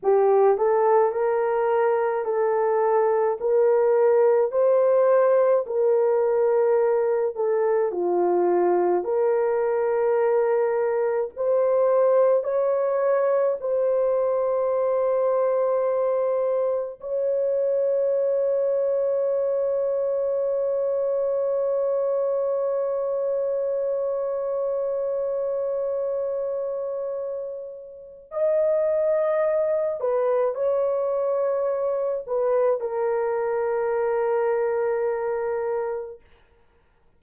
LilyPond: \new Staff \with { instrumentName = "horn" } { \time 4/4 \tempo 4 = 53 g'8 a'8 ais'4 a'4 ais'4 | c''4 ais'4. a'8 f'4 | ais'2 c''4 cis''4 | c''2. cis''4~ |
cis''1~ | cis''1~ | cis''4 dis''4. b'8 cis''4~ | cis''8 b'8 ais'2. | }